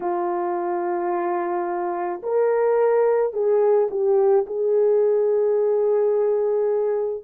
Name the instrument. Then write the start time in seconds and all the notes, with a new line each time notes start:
horn
0.00 F4
2.22 A#4
3.33 G#4
3.90 G4
4.46 G#4